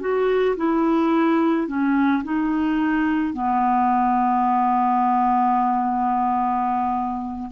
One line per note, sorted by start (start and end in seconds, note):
0.00 0.56 F#4
0.57 1.67 E4
1.67 2.23 C#4
2.23 3.33 D#4
3.33 7.49 B3